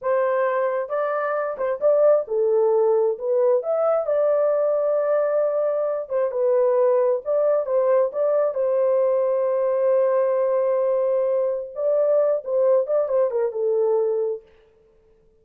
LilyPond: \new Staff \with { instrumentName = "horn" } { \time 4/4 \tempo 4 = 133 c''2 d''4. c''8 | d''4 a'2 b'4 | e''4 d''2.~ | d''4. c''8 b'2 |
d''4 c''4 d''4 c''4~ | c''1~ | c''2 d''4. c''8~ | c''8 d''8 c''8 ais'8 a'2 | }